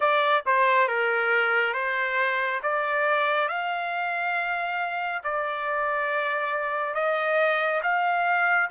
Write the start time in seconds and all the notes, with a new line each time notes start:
0.00 D5
0.46 C5
0.87 A#4
1.73 C5
2.62 D5
3.48 F5
5.23 D5
6.94 D#5
7.83 F5